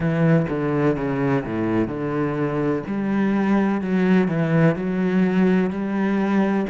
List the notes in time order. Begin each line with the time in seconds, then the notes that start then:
0.00 E3
0.48 D3
0.96 C#3
1.45 A2
1.87 D3
2.86 G3
3.81 F#3
4.28 E3
4.75 F#3
5.70 G3